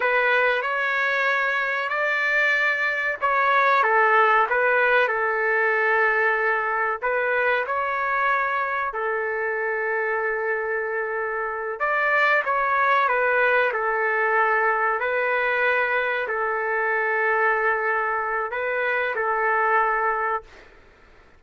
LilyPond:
\new Staff \with { instrumentName = "trumpet" } { \time 4/4 \tempo 4 = 94 b'4 cis''2 d''4~ | d''4 cis''4 a'4 b'4 | a'2. b'4 | cis''2 a'2~ |
a'2~ a'8 d''4 cis''8~ | cis''8 b'4 a'2 b'8~ | b'4. a'2~ a'8~ | a'4 b'4 a'2 | }